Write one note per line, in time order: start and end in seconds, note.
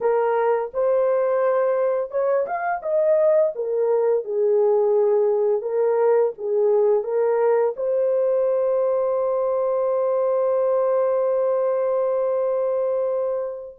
0.00 0.71 A#4
0.73 2.10 C5
2.10 2.45 C#5
2.46 2.81 F5
2.82 3.53 D#5
3.55 4.24 A#4
4.24 5.61 G#4
5.61 6.32 A#4
6.38 7.03 G#4
7.03 7.74 A#4
7.76 13.76 C5